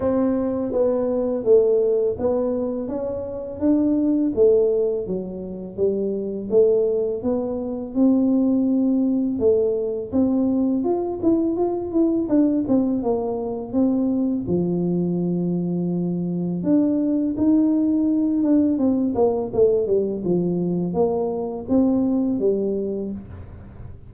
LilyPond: \new Staff \with { instrumentName = "tuba" } { \time 4/4 \tempo 4 = 83 c'4 b4 a4 b4 | cis'4 d'4 a4 fis4 | g4 a4 b4 c'4~ | c'4 a4 c'4 f'8 e'8 |
f'8 e'8 d'8 c'8 ais4 c'4 | f2. d'4 | dis'4. d'8 c'8 ais8 a8 g8 | f4 ais4 c'4 g4 | }